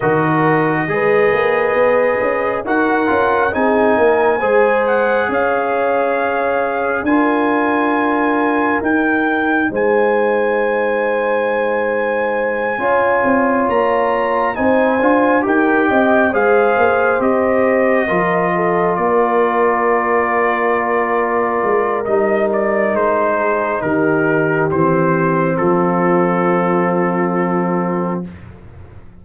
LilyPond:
<<
  \new Staff \with { instrumentName = "trumpet" } { \time 4/4 \tempo 4 = 68 dis''2. fis''4 | gis''4. fis''8 f''2 | gis''2 g''4 gis''4~ | gis''2.~ gis''8 ais''8~ |
ais''8 gis''4 g''4 f''4 dis''8~ | dis''4. d''2~ d''8~ | d''4 dis''8 d''8 c''4 ais'4 | c''4 a'2. | }
  \new Staff \with { instrumentName = "horn" } { \time 4/4 ais'4 b'2 ais'4 | gis'8 ais'8 c''4 cis''2 | ais'2. c''4~ | c''2~ c''8 cis''4.~ |
cis''8 c''4 ais'8 dis''8 c''4.~ | c''8 ais'8 a'8 ais'2~ ais'8~ | ais'2~ ais'8 gis'8 g'4~ | g'4 f'2. | }
  \new Staff \with { instrumentName = "trombone" } { \time 4/4 fis'4 gis'2 fis'8 f'8 | dis'4 gis'2. | f'2 dis'2~ | dis'2~ dis'8 f'4.~ |
f'8 dis'8 f'8 g'4 gis'4 g'8~ | g'8 f'2.~ f'8~ | f'4 dis'2. | c'1 | }
  \new Staff \with { instrumentName = "tuba" } { \time 4/4 dis4 gis8 ais8 b8 cis'8 dis'8 cis'8 | c'8 ais8 gis4 cis'2 | d'2 dis'4 gis4~ | gis2~ gis8 cis'8 c'8 ais8~ |
ais8 c'8 d'8 dis'8 c'8 gis8 ais8 c'8~ | c'8 f4 ais2~ ais8~ | ais8 gis8 g4 gis4 dis4 | e4 f2. | }
>>